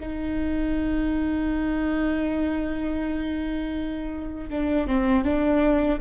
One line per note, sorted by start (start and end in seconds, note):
0.00 4.50 D#4
4.50 4.87 D4
4.87 5.25 C4
5.25 6.00 D4